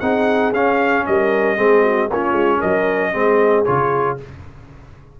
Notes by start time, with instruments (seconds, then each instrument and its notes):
0.00 tuba C4, trombone D#4, horn G#4, trumpet F#5
0.52 tuba C#4, trombone C#4, trumpet F5
1.06 tuba G3, horn A#4, trumpet D#5
1.57 tuba G#3, trombone C4, horn G#4
1.83 horn F#4
2.10 tuba A#3, trombone C#4, horn F4, trumpet C#5
2.32 tuba G#3
2.59 tuba F#3, horn A#4, trumpet D#5
3.13 tuba G#3, trombone C4, horn G#4
3.65 tuba C#3, trombone F4, trumpet C#5